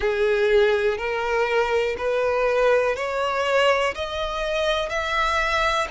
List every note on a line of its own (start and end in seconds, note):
0.00 0.97 G#4
0.97 1.96 A#4
1.97 2.96 B4
2.96 3.94 C#5
3.94 4.89 D#5
4.89 5.87 E5